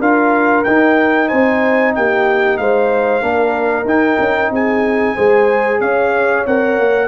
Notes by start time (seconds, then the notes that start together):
0.00 D4 F4 A#4 F5
0.64 D#4 G5
1.28 C4 C5 G#5
1.95 A#3 G4 G5
2.58 G#3 C5 F5
3.21 A#3 D4 A#4
3.85 D#4 G5
4.19 C#4
4.50 C4 G#4 G#5
5.15 G#3 G#4 C5
5.81 C#4 C#5 F5
6.46 C4 A#4 F#5
6.79 A#3